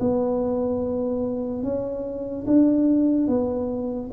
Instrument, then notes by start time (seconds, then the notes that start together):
tuba
0.00 B3
1.64 C#4
2.47 D4
3.28 B3